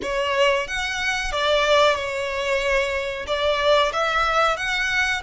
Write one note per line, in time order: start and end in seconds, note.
0.02 0.67 C#5
0.67 1.32 F#5
1.32 1.95 D5
1.95 3.25 C#5
3.26 3.92 D5
3.92 4.56 E5
4.56 5.21 F#5